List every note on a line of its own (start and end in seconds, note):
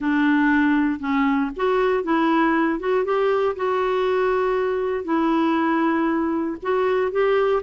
0.00 0.99 D4
0.99 1.50 C#4
1.56 2.03 F#4
2.03 2.79 E4
2.79 3.04 F#4
3.04 3.55 G4
3.56 5.04 F#4
5.04 6.56 E4
6.62 7.11 F#4
7.11 7.62 G4